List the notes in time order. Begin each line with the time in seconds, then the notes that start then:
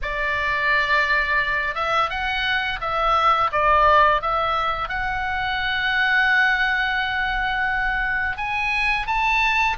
0.02 D5
1.74 E5
2.09 F#5
2.81 E5
3.52 D5
4.21 E5
4.88 F#5
8.37 G#5
9.07 A5